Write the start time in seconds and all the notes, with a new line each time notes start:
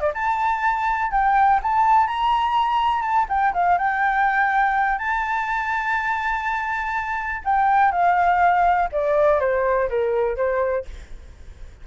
0.00 D5
0.14 A5
1.11 G5
1.62 A5
2.07 A#5
3.02 A5
3.29 G5
3.54 F5
3.78 G5
4.98 A5
7.44 G5
7.92 F5
8.92 D5
9.40 C5
9.89 A#4
10.37 C5